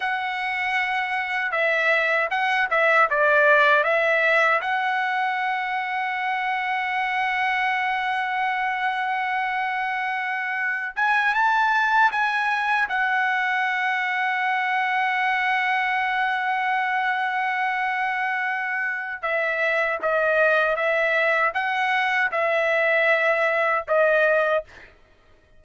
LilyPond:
\new Staff \with { instrumentName = "trumpet" } { \time 4/4 \tempo 4 = 78 fis''2 e''4 fis''8 e''8 | d''4 e''4 fis''2~ | fis''1~ | fis''2~ fis''16 gis''8 a''4 gis''16~ |
gis''8. fis''2.~ fis''16~ | fis''1~ | fis''4 e''4 dis''4 e''4 | fis''4 e''2 dis''4 | }